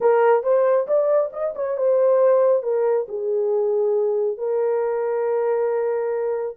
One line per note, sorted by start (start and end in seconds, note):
0.01 0.43 A#4
0.43 0.87 C5
0.87 1.31 D5
1.32 1.54 D#5
1.55 1.77 C#5
1.77 2.63 C5
2.63 3.06 A#4
3.08 4.37 G#4
4.37 6.56 A#4